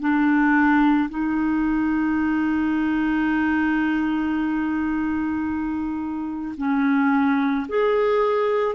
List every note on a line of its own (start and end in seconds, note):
0.00 1.09 D4
1.10 6.55 D#4
6.58 7.67 C#4
7.69 8.75 G#4